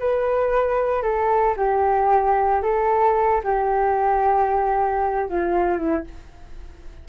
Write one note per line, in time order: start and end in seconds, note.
0.00 1.03 B4
1.03 1.56 A4
1.57 2.63 G4
2.63 3.42 A4
3.44 5.30 G4
5.30 5.78 F4
5.78 6.04 E4